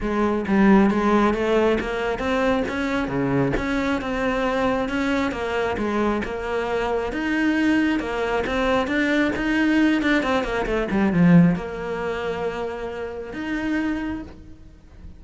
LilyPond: \new Staff \with { instrumentName = "cello" } { \time 4/4 \tempo 4 = 135 gis4 g4 gis4 a4 | ais4 c'4 cis'4 cis4 | cis'4 c'2 cis'4 | ais4 gis4 ais2 |
dis'2 ais4 c'4 | d'4 dis'4. d'8 c'8 ais8 | a8 g8 f4 ais2~ | ais2 dis'2 | }